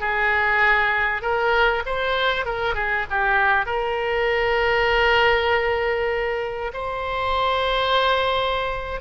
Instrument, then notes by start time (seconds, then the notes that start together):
oboe
0.00 G#4
1.22 A#4
1.85 C5
2.45 A#4
2.74 G#4
3.10 G4
3.65 A#4
6.73 C5